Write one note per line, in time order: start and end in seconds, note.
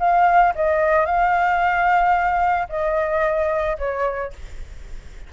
0.00 0.54 F5
0.56 1.06 D#5
1.06 2.68 F5
2.70 3.78 D#5
3.79 4.33 C#5